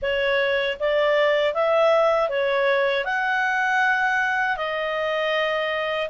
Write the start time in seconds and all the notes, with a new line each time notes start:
0.01 C#5
0.79 D5
1.54 E5
2.29 C#5
3.04 F#5
4.56 D#5